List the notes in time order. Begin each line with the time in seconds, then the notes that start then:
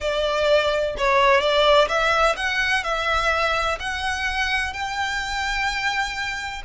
0.01 D5
0.97 C#5
1.40 D5
1.88 E5
2.36 F#5
2.83 E5
3.79 F#5
4.73 G5